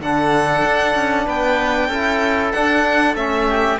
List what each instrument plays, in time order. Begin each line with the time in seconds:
0.00 cello D3, trombone D4, oboe A4, violin F#5
0.64 cello D4
0.95 cello C#4
1.26 cello B3, oboe B4, violin G5
1.88 cello C#4, trombone E4, oboe A4
2.52 trombone D4, cello D4, violin F#5
3.15 cello A3, trombone C#4, violin E5
3.49 oboe G4